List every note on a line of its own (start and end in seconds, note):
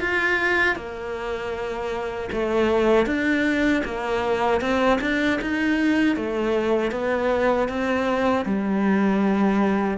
0.00 0.76 F4
0.76 2.29 A#3
2.33 3.06 A3
3.06 3.83 D4
3.85 4.61 A#3
4.61 5.00 C4
5.01 5.40 D4
5.41 6.16 D#4
6.16 6.92 A3
6.92 7.69 B3
7.69 8.45 C4
8.45 9.98 G3